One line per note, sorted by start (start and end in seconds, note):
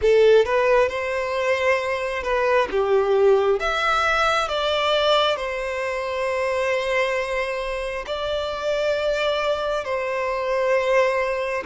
0.01 0.45 A4
0.45 0.88 B4
0.88 2.23 C5
2.23 2.67 B4
2.70 3.59 G4
3.59 4.48 E5
4.48 5.36 D5
5.36 8.05 C5
8.06 9.84 D5
9.84 11.63 C5